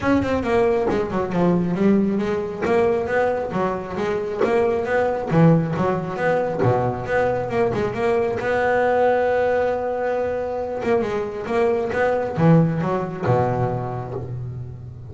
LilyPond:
\new Staff \with { instrumentName = "double bass" } { \time 4/4 \tempo 4 = 136 cis'8 c'8 ais4 gis8 fis8 f4 | g4 gis4 ais4 b4 | fis4 gis4 ais4 b4 | e4 fis4 b4 b,4 |
b4 ais8 gis8 ais4 b4~ | b1~ | b8 ais8 gis4 ais4 b4 | e4 fis4 b,2 | }